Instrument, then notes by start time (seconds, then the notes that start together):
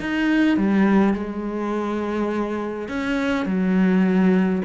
cello
0.00 D#4
0.57 G3
1.14 G#3
2.88 C#4
3.46 F#3